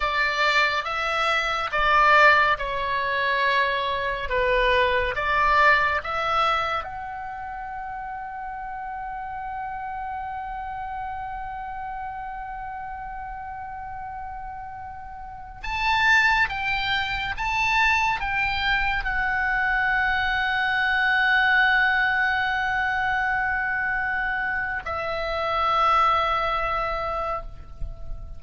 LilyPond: \new Staff \with { instrumentName = "oboe" } { \time 4/4 \tempo 4 = 70 d''4 e''4 d''4 cis''4~ | cis''4 b'4 d''4 e''4 | fis''1~ | fis''1~ |
fis''2~ fis''16 a''4 g''8.~ | g''16 a''4 g''4 fis''4.~ fis''16~ | fis''1~ | fis''4 e''2. | }